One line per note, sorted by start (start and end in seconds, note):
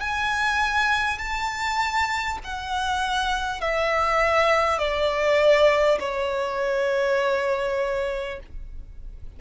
0.00 1.18 G#5
1.18 2.38 A5
2.43 3.60 F#5
3.60 4.78 E5
4.78 5.98 D5
5.99 8.39 C#5